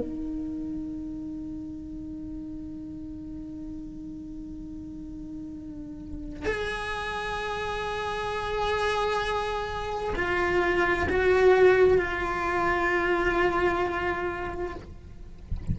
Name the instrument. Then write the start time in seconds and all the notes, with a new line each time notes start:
cello
0.00 D#4
6.45 G#4
10.16 F4
11.09 F#4
11.98 F4